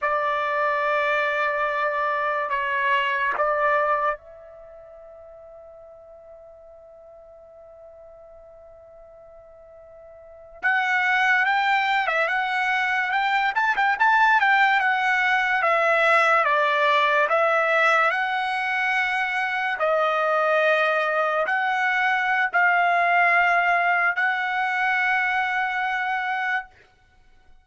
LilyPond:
\new Staff \with { instrumentName = "trumpet" } { \time 4/4 \tempo 4 = 72 d''2. cis''4 | d''4 e''2.~ | e''1~ | e''8. fis''4 g''8. e''16 fis''4 g''16~ |
g''16 a''16 g''16 a''8 g''8 fis''4 e''4 d''16~ | d''8. e''4 fis''2 dis''16~ | dis''4.~ dis''16 fis''4~ fis''16 f''4~ | f''4 fis''2. | }